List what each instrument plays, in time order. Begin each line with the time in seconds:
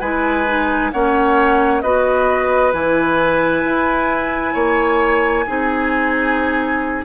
0.00 bassoon G#3, clarinet E4, oboe B4, flute G#5
0.46 clarinet D#4
0.92 bassoon A#3, clarinet C#4, oboe C#5, flute F#5
1.81 bassoon B3, clarinet F#4, oboe B4, flute D#5
2.73 bassoon E3, clarinet E4, flute G#5
3.65 bassoon E4
4.54 bassoon A#3, oboe C#5
5.46 bassoon C4, clarinet D#4, oboe G#4